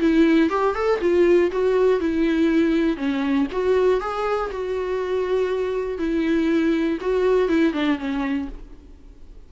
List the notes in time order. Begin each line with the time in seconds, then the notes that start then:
0.00 E4
0.50 G4
0.75 A4
1.00 F4
1.52 F#4
2.00 E4
2.97 C#4
3.52 F#4
4.00 G#4
4.51 F#4
5.98 E4
7.01 F#4
7.48 E4
7.73 D4
7.98 C#4